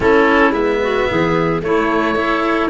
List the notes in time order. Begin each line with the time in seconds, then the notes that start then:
0.00 A3 C#4 E4 A4
0.50 G#3 B3 E5
0.82 F#4
1.09 E3 G#4
1.61 A3 E4 C#5
2.15 E4 A4